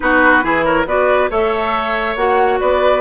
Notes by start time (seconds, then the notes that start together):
0.00 B3 D#4 F#4 B4
0.41 E3 E4 G#4
0.64 A#4 C#5
0.86 B3 F#4 B4 D5
1.29 A3 A4 C#5 E5
2.16 A#3 F#4 F#5
2.60 B3 B4 D5